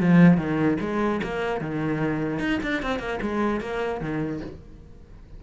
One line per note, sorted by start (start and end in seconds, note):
0.00 0.37 F3
0.37 0.78 D#3
0.81 1.21 G#3
1.23 1.61 A#3
1.61 2.39 D#3
2.39 2.59 D#4
2.63 2.82 D4
2.82 2.99 C4
2.99 3.19 A#3
3.21 3.60 G#3
3.60 4.01 A#3
4.01 4.41 D#3